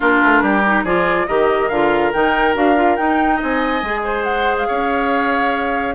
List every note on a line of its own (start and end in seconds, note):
0.00 0.22 A#3
0.00 0.63 D4
0.00 0.43 F4
0.00 0.84 A#4
0.23 0.42 A3
0.42 0.84 G3
0.42 0.84 G4
0.66 0.86 D#4
0.84 1.26 F3
0.84 1.27 F4
0.84 1.26 G#4
0.84 1.27 D5
1.27 1.70 D#3
1.27 1.70 G4
1.27 3.36 A#4
1.27 1.69 D#5
1.69 2.12 D3
1.69 2.13 F4
1.69 2.11 F5
2.12 2.55 D#3
2.12 2.54 D#4
2.12 2.55 G5
2.54 2.97 D4
2.54 2.75 F#4
2.54 2.96 F5
2.76 2.97 F4
2.96 3.82 D#4
2.96 3.40 D#4
2.96 3.38 G5
3.36 4.00 D#5
3.42 3.82 C4
3.42 4.23 G#5
3.82 4.67 G#3
3.82 5.94 G#4
4.04 4.67 C5
4.23 4.55 F#5
4.57 5.94 F5
4.67 5.94 C#4
4.67 5.94 C#5